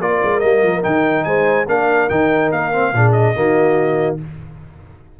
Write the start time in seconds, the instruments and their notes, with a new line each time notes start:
0.00 tuba A#3, trombone F4, horn A#4, trumpet D5
0.23 tuba G#3
0.39 tuba G3, trombone A#3, trumpet D#5
0.63 tuba F3
0.82 tuba D#3, trombone D#4, trumpet G5
1.24 tuba G#3, horn C5, trumpet G#5
1.67 tuba A#3, trombone D4, horn A#4, trumpet F5
2.09 tuba D#3, trombone D#4, trumpet G5
2.51 tuba A#3, trumpet F5
2.72 trombone C4
2.93 tuba A#2, trombone D4, horn G#4
3.12 trumpet D#5
3.34 tuba D#3, trombone A#3, horn F#4